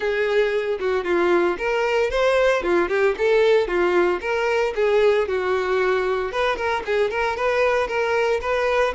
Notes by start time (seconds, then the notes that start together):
0.00 G#4
0.79 F#4
1.04 F4
1.58 A#4
2.10 C5
2.62 F4
2.89 G4
3.18 A4
3.67 F4
4.21 A#4
4.75 G#4
5.28 F#4
6.32 B4
6.56 A#4
6.85 G#4
7.10 A#4
7.36 B4
7.87 A#4
8.41 B4